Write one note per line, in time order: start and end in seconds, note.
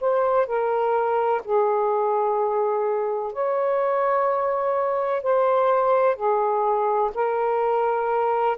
0.00 0.46 C5
0.46 1.41 A#4
1.44 3.32 G#4
3.32 5.23 C#5
5.23 6.15 C5
6.15 7.10 G#4
7.14 8.57 A#4